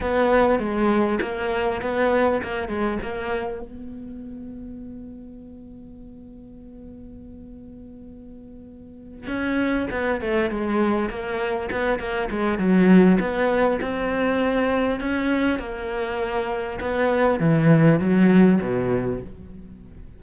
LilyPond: \new Staff \with { instrumentName = "cello" } { \time 4/4 \tempo 4 = 100 b4 gis4 ais4 b4 | ais8 gis8 ais4 b2~ | b1~ | b2.~ b8 cis'8~ |
cis'8 b8 a8 gis4 ais4 b8 | ais8 gis8 fis4 b4 c'4~ | c'4 cis'4 ais2 | b4 e4 fis4 b,4 | }